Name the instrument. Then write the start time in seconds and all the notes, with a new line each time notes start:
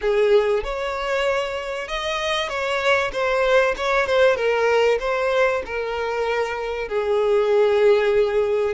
violin
0.01 G#4
0.63 C#5
1.88 D#5
2.48 C#5
3.12 C5
3.77 C#5
4.06 C5
4.36 A#4
4.99 C5
5.65 A#4
6.88 G#4